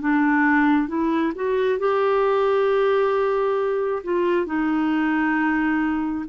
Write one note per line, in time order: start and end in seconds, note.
0.00 0.88 D4
0.88 1.32 E4
1.35 1.79 F#4
1.79 4.03 G4
4.03 4.46 F4
4.46 6.25 D#4